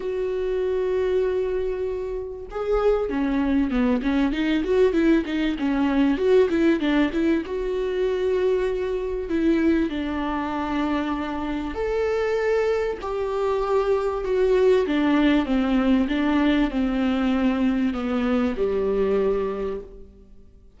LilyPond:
\new Staff \with { instrumentName = "viola" } { \time 4/4 \tempo 4 = 97 fis'1 | gis'4 cis'4 b8 cis'8 dis'8 fis'8 | e'8 dis'8 cis'4 fis'8 e'8 d'8 e'8 | fis'2. e'4 |
d'2. a'4~ | a'4 g'2 fis'4 | d'4 c'4 d'4 c'4~ | c'4 b4 g2 | }